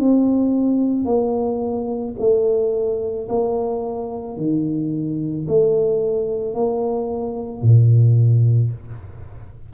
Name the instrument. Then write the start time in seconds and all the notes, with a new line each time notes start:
tuba
0.00 C4
1.06 A#3
2.19 A3
3.29 A#3
4.37 D#3
5.48 A3
6.55 A#3
7.62 A#2